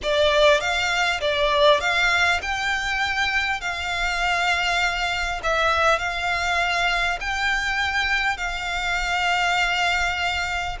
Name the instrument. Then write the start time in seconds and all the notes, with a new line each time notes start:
violin
0.02 D5
0.60 F5
1.21 D5
1.80 F5
2.42 G5
3.60 F5
5.43 E5
5.98 F5
7.20 G5
8.37 F5